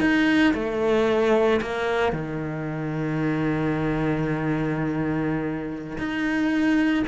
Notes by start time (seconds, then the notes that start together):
0.00 D#4
0.54 A3
1.61 A#3
2.12 D#3
5.98 D#4